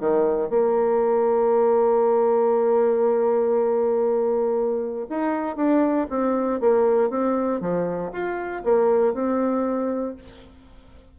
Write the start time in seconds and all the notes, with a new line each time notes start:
0.00 D#3
0.49 A#3
5.09 D#4
5.56 D4
6.10 C4
6.60 A#3
7.10 C4
7.61 F3
8.12 F4
8.64 A#3
9.14 C4